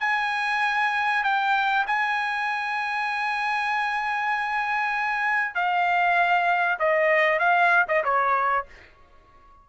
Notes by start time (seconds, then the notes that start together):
0.00 G#5
1.23 G5
1.87 G#5
5.55 F5
6.79 D#5
7.39 F5
7.88 D#5
8.04 C#5